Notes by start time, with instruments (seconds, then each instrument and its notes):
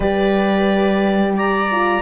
0.00 cello G3, horn G4, viola B4, clarinet D5
1.37 viola D5, clarinet A#5
1.71 horn F4